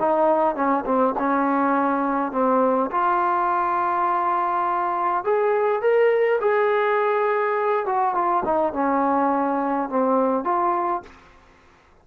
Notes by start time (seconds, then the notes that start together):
0.00 D#4
0.56 C#4
0.86 C4
1.19 C#4
2.32 C4
2.92 F4
5.24 G#4
5.81 A#4
6.41 G#4
7.86 F#4
8.15 F4
8.45 D#4
8.73 C#4
9.89 C4
10.45 F4